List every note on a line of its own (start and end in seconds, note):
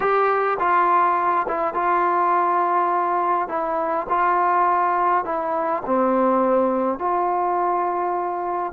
0.00 0.58 G4
0.59 1.46 F4
1.47 1.74 E4
1.74 3.48 F4
3.48 4.06 E4
4.09 5.24 F4
5.24 5.83 E4
5.85 6.98 C4
6.98 8.72 F4